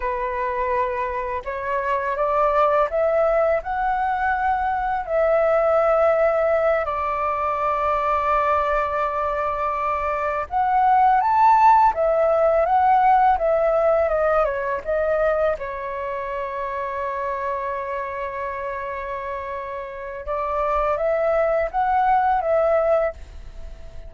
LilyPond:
\new Staff \with { instrumentName = "flute" } { \time 4/4 \tempo 4 = 83 b'2 cis''4 d''4 | e''4 fis''2 e''4~ | e''4. d''2~ d''8~ | d''2~ d''8 fis''4 a''8~ |
a''8 e''4 fis''4 e''4 dis''8 | cis''8 dis''4 cis''2~ cis''8~ | cis''1 | d''4 e''4 fis''4 e''4 | }